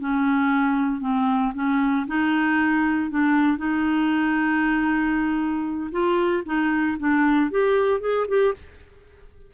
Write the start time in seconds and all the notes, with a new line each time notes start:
0.00 C#4
1.01 C4
1.54 C#4
2.07 D#4
3.10 D4
3.58 D#4
5.92 F4
6.45 D#4
6.99 D4
7.51 G4
8.00 G#4
8.28 G4